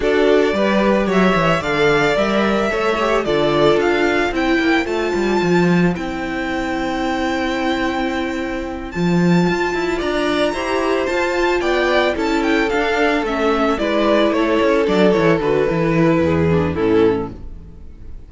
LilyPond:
<<
  \new Staff \with { instrumentName = "violin" } { \time 4/4 \tempo 4 = 111 d''2 e''4 f''4 | e''2 d''4 f''4 | g''4 a''2 g''4~ | g''1~ |
g''8 a''2 ais''4.~ | ais''8 a''4 g''4 a''8 g''8 f''8~ | f''8 e''4 d''4 cis''4 d''8 | cis''8 b'2~ b'8 a'4 | }
  \new Staff \with { instrumentName = "violin" } { \time 4/4 a'4 b'4 cis''4 d''4~ | d''4 cis''4 a'2 | c''1~ | c''1~ |
c''2~ c''8 d''4 c''8~ | c''4. d''4 a'4.~ | a'4. b'4 a'4.~ | a'2 gis'4 e'4 | }
  \new Staff \with { instrumentName = "viola" } { \time 4/4 fis'4 g'2 a'4 | ais'4 a'8 g'8 f'2 | e'4 f'2 e'4~ | e'1~ |
e'8 f'2. g'8~ | g'8 f'2 e'4 d'8~ | d'8 cis'4 e'2 d'8 | e'8 fis'8 e'4. d'8 cis'4 | }
  \new Staff \with { instrumentName = "cello" } { \time 4/4 d'4 g4 fis8 e8 d4 | g4 a4 d4 d'4 | c'8 ais8 a8 g8 f4 c'4~ | c'1~ |
c'8 f4 f'8 e'8 d'4 e'8~ | e'8 f'4 b4 cis'4 d'8~ | d'8 a4 gis4 a8 cis'8 fis8 | e8 d8 e4 e,4 a,4 | }
>>